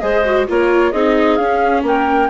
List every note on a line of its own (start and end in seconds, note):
0.00 0.48 G#3
0.00 0.24 G#4
0.00 0.48 C5
0.00 0.46 D#5
0.25 0.48 F#4
0.48 0.93 A#3
0.48 0.94 F4
0.48 0.92 A#4
0.48 0.92 C#5
0.92 1.39 C4
0.92 1.39 D#4
0.92 1.84 G#4
0.92 1.36 D#5
1.36 1.83 C#4
1.36 2.30 C#4
1.36 1.82 F5
1.83 2.29 A#3
1.83 2.30 A#4
1.83 2.30 G5